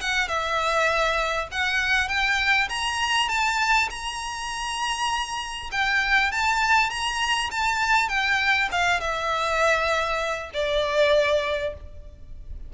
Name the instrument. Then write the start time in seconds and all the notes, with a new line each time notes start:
violin
0.00 F#5
0.28 E5
1.51 F#5
2.08 G5
2.69 A#5
3.28 A5
3.90 A#5
5.71 G5
6.31 A5
6.89 A#5
7.51 A5
8.08 G5
8.71 F5
9.00 E5
10.53 D5